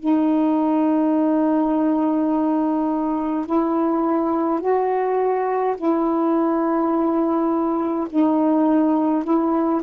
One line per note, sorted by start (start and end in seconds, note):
0.00 3.46 D#4
3.46 4.60 E4
4.60 5.76 F#4
5.77 8.08 E4
8.10 9.25 D#4
9.25 9.82 E4